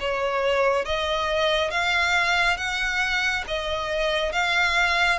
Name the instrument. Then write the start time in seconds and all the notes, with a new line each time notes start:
violin
0.00 C#5
0.85 D#5
1.71 F5
2.57 F#5
3.47 D#5
4.32 F5